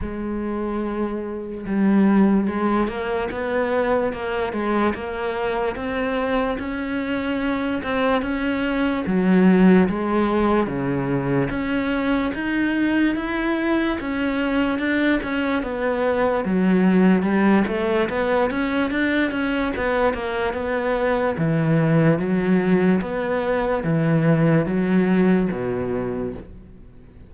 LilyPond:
\new Staff \with { instrumentName = "cello" } { \time 4/4 \tempo 4 = 73 gis2 g4 gis8 ais8 | b4 ais8 gis8 ais4 c'4 | cis'4. c'8 cis'4 fis4 | gis4 cis4 cis'4 dis'4 |
e'4 cis'4 d'8 cis'8 b4 | fis4 g8 a8 b8 cis'8 d'8 cis'8 | b8 ais8 b4 e4 fis4 | b4 e4 fis4 b,4 | }